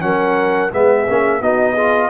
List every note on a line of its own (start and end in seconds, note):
0.00 0.72 F#3
0.00 0.70 C#4
0.00 0.73 A#4
0.00 0.71 F#5
0.72 1.07 G#3
0.72 1.07 B3
0.72 1.41 G#4
0.72 1.42 E5
1.09 1.40 A#3
1.09 1.41 C#4
1.40 2.10 B3
1.40 1.76 D#4
1.40 1.73 F#4
1.40 2.10 D#5
1.73 2.10 F4
1.73 2.08 G#4